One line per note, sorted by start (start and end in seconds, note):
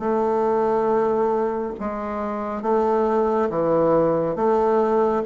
0.00 1.74 A3
1.80 2.62 G#3
2.62 3.49 A3
3.50 4.36 E3
4.36 5.23 A3